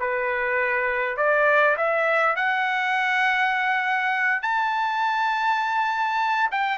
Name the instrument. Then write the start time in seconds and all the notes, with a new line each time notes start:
trumpet
0.00 B4
1.17 D5
1.77 E5
2.36 F#5
4.43 A5
6.52 G5